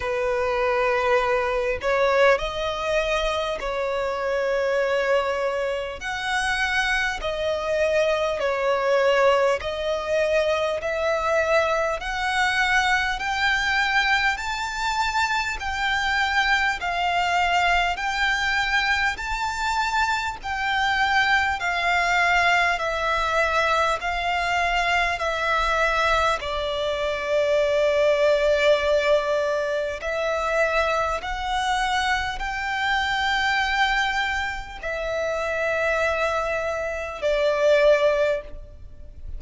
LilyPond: \new Staff \with { instrumentName = "violin" } { \time 4/4 \tempo 4 = 50 b'4. cis''8 dis''4 cis''4~ | cis''4 fis''4 dis''4 cis''4 | dis''4 e''4 fis''4 g''4 | a''4 g''4 f''4 g''4 |
a''4 g''4 f''4 e''4 | f''4 e''4 d''2~ | d''4 e''4 fis''4 g''4~ | g''4 e''2 d''4 | }